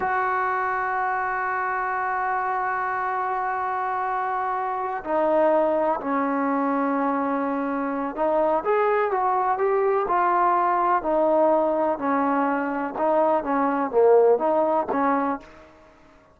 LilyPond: \new Staff \with { instrumentName = "trombone" } { \time 4/4 \tempo 4 = 125 fis'1~ | fis'1~ | fis'2~ fis'8 dis'4.~ | dis'8 cis'2.~ cis'8~ |
cis'4 dis'4 gis'4 fis'4 | g'4 f'2 dis'4~ | dis'4 cis'2 dis'4 | cis'4 ais4 dis'4 cis'4 | }